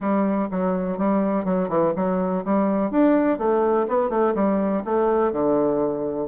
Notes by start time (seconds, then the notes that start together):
0.00 G3
0.50 F#3
0.98 G3
1.44 F#3
1.68 E3
1.96 F#3
2.44 G3
2.91 D4
3.38 A3
3.88 B3
4.09 A3
4.34 G3
4.84 A3
5.32 D3